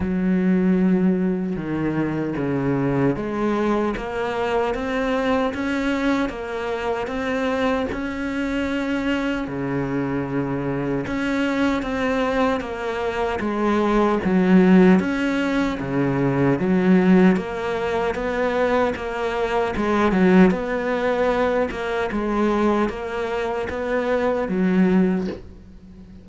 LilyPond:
\new Staff \with { instrumentName = "cello" } { \time 4/4 \tempo 4 = 76 fis2 dis4 cis4 | gis4 ais4 c'4 cis'4 | ais4 c'4 cis'2 | cis2 cis'4 c'4 |
ais4 gis4 fis4 cis'4 | cis4 fis4 ais4 b4 | ais4 gis8 fis8 b4. ais8 | gis4 ais4 b4 fis4 | }